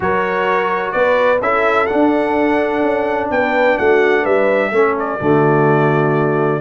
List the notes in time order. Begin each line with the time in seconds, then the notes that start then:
0.00 F#3 F#4 A#4 C#5
0.92 B3 B4 D5
1.40 C#4 E4 A4 E5
1.86 D4 F#5
2.82 C#4
3.30 B3 B4 G5
3.78 A3 F#4 F#5
4.22 G3 B4 E5
4.71 A3 C#4 A4
4.99 D5
5.20 D3 A3 F#4